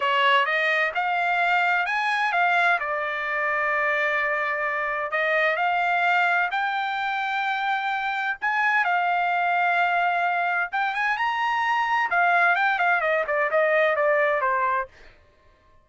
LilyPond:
\new Staff \with { instrumentName = "trumpet" } { \time 4/4 \tempo 4 = 129 cis''4 dis''4 f''2 | gis''4 f''4 d''2~ | d''2. dis''4 | f''2 g''2~ |
g''2 gis''4 f''4~ | f''2. g''8 gis''8 | ais''2 f''4 g''8 f''8 | dis''8 d''8 dis''4 d''4 c''4 | }